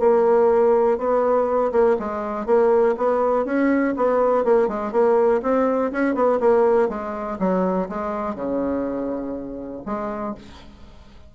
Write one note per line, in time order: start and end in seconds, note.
0.00 0.98 A#3
0.98 1.72 B3
1.72 1.97 A#3
1.99 2.46 G#3
2.46 2.95 A#3
2.97 3.45 B3
3.45 3.95 C#4
3.96 4.45 B3
4.45 4.68 A#3
4.68 4.92 G#3
4.92 5.41 A#3
5.43 5.92 C4
5.92 6.15 C#4
6.15 6.39 B3
6.40 6.89 A#3
6.89 7.38 G#3
7.39 7.88 F#3
7.89 8.35 G#3
8.35 9.83 C#3
9.86 10.35 G#3